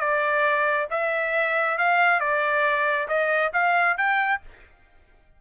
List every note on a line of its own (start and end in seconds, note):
0.00 0.88 D5
0.90 1.78 E5
1.78 2.20 F5
2.20 3.08 D5
3.08 3.52 D#5
3.53 3.97 F5
3.97 4.41 G5